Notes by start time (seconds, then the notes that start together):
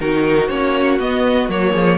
0.00 D#3 D#4 F#4 A#4
0.48 A#3 C#4 C#5
0.99 B3 D#5
1.48 F#3 A#3 C#5
1.72 F3 G#4